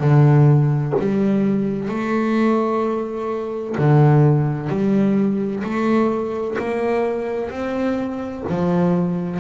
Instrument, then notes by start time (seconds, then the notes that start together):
double bass
0.00 D3
0.99 G3
1.88 A3
3.78 D3
4.70 G3
5.64 A3
6.58 A#3
7.50 C4
8.49 F3